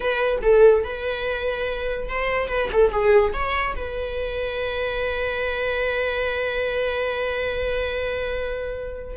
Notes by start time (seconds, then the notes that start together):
0.00 B4
0.42 A4
0.84 B4
2.08 C5
2.48 B4
2.72 A4
2.91 G#4
3.33 C#5
3.75 B4